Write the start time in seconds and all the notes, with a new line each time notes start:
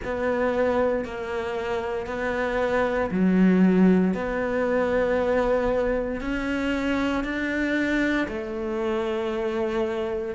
0.04 B3
1.04 A#3
2.06 B3
3.11 F#3
4.14 B3
6.20 C#4
7.24 D4
8.28 A3